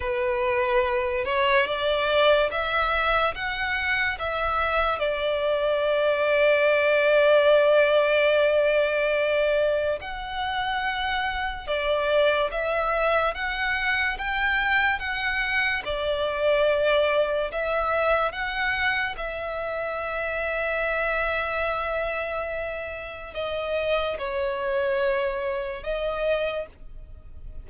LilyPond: \new Staff \with { instrumentName = "violin" } { \time 4/4 \tempo 4 = 72 b'4. cis''8 d''4 e''4 | fis''4 e''4 d''2~ | d''1 | fis''2 d''4 e''4 |
fis''4 g''4 fis''4 d''4~ | d''4 e''4 fis''4 e''4~ | e''1 | dis''4 cis''2 dis''4 | }